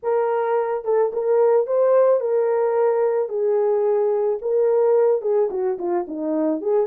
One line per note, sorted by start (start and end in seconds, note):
0.02 0.84 A#4
0.84 1.11 A4
1.12 1.66 A#4
1.66 2.20 C5
2.20 3.28 A#4
3.28 4.38 G#4
4.41 5.21 A#4
5.21 5.49 G#4
5.50 5.77 F#4
5.78 6.06 F4
6.07 6.61 D#4
6.61 6.86 G#4